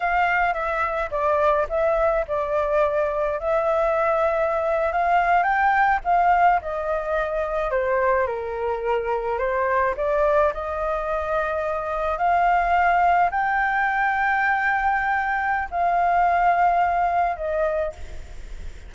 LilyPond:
\new Staff \with { instrumentName = "flute" } { \time 4/4 \tempo 4 = 107 f''4 e''4 d''4 e''4 | d''2 e''2~ | e''8. f''4 g''4 f''4 dis''16~ | dis''4.~ dis''16 c''4 ais'4~ ais'16~ |
ais'8. c''4 d''4 dis''4~ dis''16~ | dis''4.~ dis''16 f''2 g''16~ | g''1 | f''2. dis''4 | }